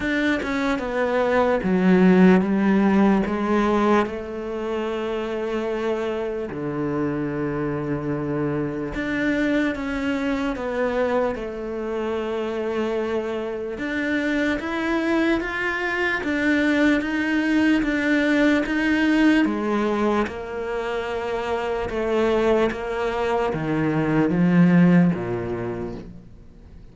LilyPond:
\new Staff \with { instrumentName = "cello" } { \time 4/4 \tempo 4 = 74 d'8 cis'8 b4 fis4 g4 | gis4 a2. | d2. d'4 | cis'4 b4 a2~ |
a4 d'4 e'4 f'4 | d'4 dis'4 d'4 dis'4 | gis4 ais2 a4 | ais4 dis4 f4 ais,4 | }